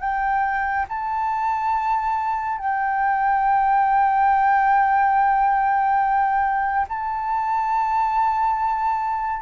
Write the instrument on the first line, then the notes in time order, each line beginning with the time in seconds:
flute
0.00 G5
0.88 A5
2.58 G5
6.88 A5